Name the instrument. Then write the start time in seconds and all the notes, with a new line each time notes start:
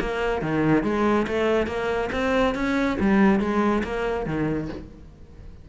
cello
0.00 A#3
0.41 D#3
0.83 G#3
1.27 A3
1.66 A#3
2.12 C4
2.54 C#4
3.00 G3
3.40 G#3
3.83 A#3
4.26 D#3